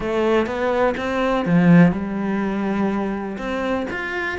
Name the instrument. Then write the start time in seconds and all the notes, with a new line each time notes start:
cello
0.00 A3
0.46 B3
0.97 C4
1.45 F3
1.92 G3
3.38 C4
3.90 F4